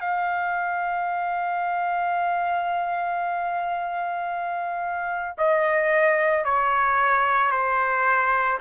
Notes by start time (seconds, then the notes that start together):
0.00 F5
5.38 D#5
6.44 C#5
7.51 C5